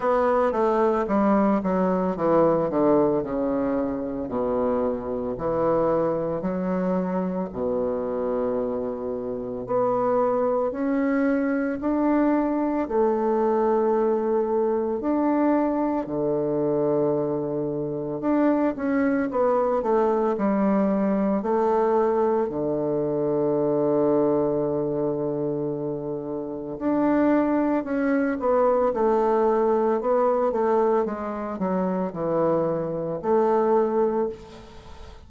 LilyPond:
\new Staff \with { instrumentName = "bassoon" } { \time 4/4 \tempo 4 = 56 b8 a8 g8 fis8 e8 d8 cis4 | b,4 e4 fis4 b,4~ | b,4 b4 cis'4 d'4 | a2 d'4 d4~ |
d4 d'8 cis'8 b8 a8 g4 | a4 d2.~ | d4 d'4 cis'8 b8 a4 | b8 a8 gis8 fis8 e4 a4 | }